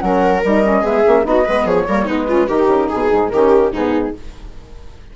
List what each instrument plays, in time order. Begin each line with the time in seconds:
0.00 bassoon F#3, saxophone C#4, viola A#4, flute F#5
0.45 bassoon G3, saxophone D#4, flute D#5
0.65 saxophone C#4
0.82 bassoon G#3, saxophone B3, viola G#4, flute E5
1.06 bassoon A#3, saxophone C#4
1.24 bassoon B3, saxophone D#4, viola F#4, flute D#5
1.45 bassoon G#3, saxophone B3, viola B4
1.65 bassoon F3, viola G#4, flute C#5
1.88 bassoon G3, saxophone A#3, viola A#4
2.05 bassoon G#3, saxophone B3, viola D#4, flute B4
2.28 saxophone C#4, viola F4
2.48 bassoon D#3, saxophone D#4, viola G4, flute A#4
2.68 bassoon C#3
2.89 bassoon B2, viola G#4, flute G#4
3.12 bassoon G#2
3.30 bassoon D#3, saxophone C#4, viola G4, flute A#4
3.72 bassoon G#2, saxophone B3, viola D#4, flute G#4